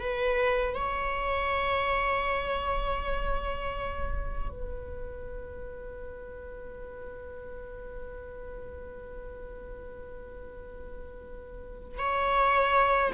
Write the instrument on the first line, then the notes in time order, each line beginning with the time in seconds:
viola
0.00 B4
0.75 C#5
4.50 B4
11.99 C#5